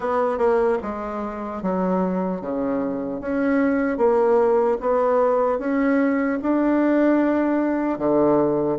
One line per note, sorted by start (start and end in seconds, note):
0.00 0.37 B3
0.37 0.77 A#3
0.82 1.62 G#3
1.62 2.41 F#3
2.41 3.20 C#3
3.20 3.97 C#4
3.97 4.77 A#3
4.80 5.58 B3
5.58 6.38 C#4
6.42 7.98 D4
7.98 8.78 D3